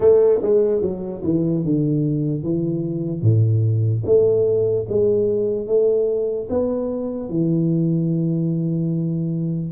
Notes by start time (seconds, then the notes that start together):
0.00 A3
0.42 G#3
0.81 F#3
1.23 E3
1.64 D3
2.43 E3
3.22 A2
4.05 A3
4.89 G#3
5.66 A3
6.49 B3
7.29 E3